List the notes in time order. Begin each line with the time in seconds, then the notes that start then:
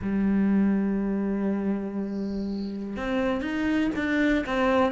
0.02 G3
2.96 C4
3.41 D#4
3.95 D4
4.45 C4